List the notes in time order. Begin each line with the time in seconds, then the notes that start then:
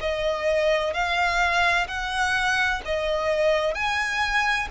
0.00 D#5
0.93 F5
1.87 F#5
2.85 D#5
3.74 G#5